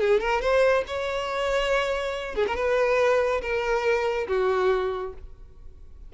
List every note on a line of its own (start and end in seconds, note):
0.00 0.20 G#4
0.20 0.41 A#4
0.41 0.84 C5
0.87 2.35 C#5
2.35 2.46 G#4
2.47 2.55 A#4
2.55 3.41 B4
3.41 4.27 A#4
4.27 5.13 F#4